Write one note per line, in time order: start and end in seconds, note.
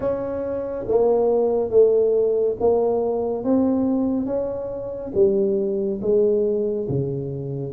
0.00 0.85 C#4
0.88 1.69 A#3
1.69 2.55 A3
2.59 3.44 A#3
3.44 4.25 C4
4.25 5.11 C#4
5.14 6.00 G3
6.01 6.87 G#3
6.88 7.72 C#3